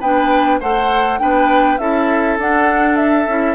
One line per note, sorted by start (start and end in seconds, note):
0.00 0.61 B3
0.00 0.62 D4
0.00 0.59 B4
0.00 0.60 G5
0.60 1.20 A3
0.60 1.19 A4
0.60 1.20 C5
0.60 1.19 F#5
1.19 1.79 B3
1.19 1.79 D4
1.19 1.80 B4
1.19 1.78 G5
1.78 2.38 C#4
1.78 2.39 E4
1.78 3.55 A4
1.78 2.38 E5
2.38 3.27 D4
2.38 3.29 D4
2.38 2.96 F#5
2.96 3.55 E5
3.27 3.55 C#4
3.27 3.55 E4